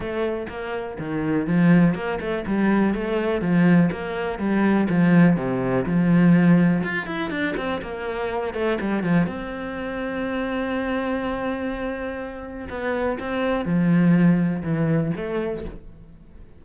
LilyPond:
\new Staff \with { instrumentName = "cello" } { \time 4/4 \tempo 4 = 123 a4 ais4 dis4 f4 | ais8 a8 g4 a4 f4 | ais4 g4 f4 c4 | f2 f'8 e'8 d'8 c'8 |
ais4. a8 g8 f8 c'4~ | c'1~ | c'2 b4 c'4 | f2 e4 a4 | }